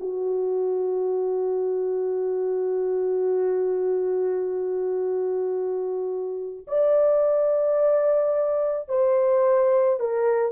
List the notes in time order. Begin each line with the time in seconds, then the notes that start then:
0.00 F#4
6.67 D5
8.89 C5
9.99 A#4